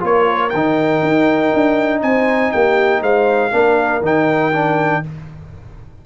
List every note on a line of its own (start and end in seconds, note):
0.00 0.53 A#3
0.00 0.50 F4
0.00 2.02 A#4
0.00 0.49 C#5
0.49 1.02 D#3
0.49 1.99 G5
0.56 3.52 D#4
1.02 1.52 D#4
1.54 2.02 D4
2.02 2.52 C4
2.02 2.53 C5
2.02 2.52 G#5
2.52 3.02 A#3
2.52 3.01 G4
2.52 3.02 G5
3.01 3.52 G#3
3.01 3.51 C5
3.01 4.03 F5
3.52 4.01 A#3
3.52 4.02 D4
3.52 5.04 A#4
4.01 5.01 D#3
4.01 4.52 D#4
4.01 5.05 G5
4.53 5.03 D4